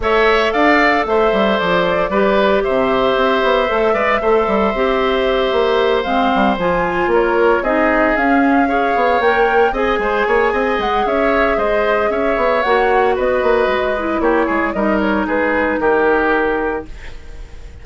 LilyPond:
<<
  \new Staff \with { instrumentName = "flute" } { \time 4/4 \tempo 4 = 114 e''4 f''4 e''4 d''4~ | d''4 e''2.~ | e''2.~ e''8 f''8~ | f''8 gis''4 cis''4 dis''4 f''8~ |
f''4. g''4 gis''4.~ | gis''8 fis''8 e''4 dis''4 e''4 | fis''4 dis''2 cis''4 | dis''8 cis''8 b'4 ais'2 | }
  \new Staff \with { instrumentName = "oboe" } { \time 4/4 cis''4 d''4 c''2 | b'4 c''2~ c''8 d''8 | c''1~ | c''4. ais'4 gis'4.~ |
gis'8 cis''2 dis''8 c''8 cis''8 | dis''4 cis''4 c''4 cis''4~ | cis''4 b'2 g'8 gis'8 | ais'4 gis'4 g'2 | }
  \new Staff \with { instrumentName = "clarinet" } { \time 4/4 a'1 | g'2. a'8 b'8 | a'4 g'2~ g'8 c'8~ | c'8 f'2 dis'4 cis'8~ |
cis'8 gis'4 ais'4 gis'4.~ | gis'1 | fis'2~ fis'8 e'4. | dis'1 | }
  \new Staff \with { instrumentName = "bassoon" } { \time 4/4 a4 d'4 a8 g8 f4 | g4 c4 c'8 b8 a8 gis8 | a8 g8 c'4. ais4 gis8 | g8 f4 ais4 c'4 cis'8~ |
cis'4 b8 ais4 c'8 gis8 ais8 | c'8 gis8 cis'4 gis4 cis'8 b8 | ais4 b8 ais8 gis4 ais8 gis8 | g4 gis4 dis2 | }
>>